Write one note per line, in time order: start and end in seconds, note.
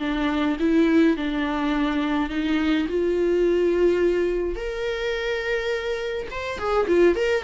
0.00 0.57 D4
0.60 1.17 E4
1.17 2.30 D4
2.30 2.87 D#4
2.89 4.56 F4
4.56 6.28 A#4
6.31 6.59 C5
6.59 6.87 G#4
6.88 7.16 F4
7.16 7.44 A#4